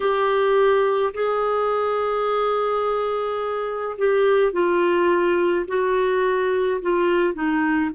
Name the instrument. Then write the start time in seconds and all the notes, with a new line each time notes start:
clarinet
0.00 G4
1.13 G#4
3.97 G4
4.52 F4
5.67 F#4
6.81 F4
7.33 D#4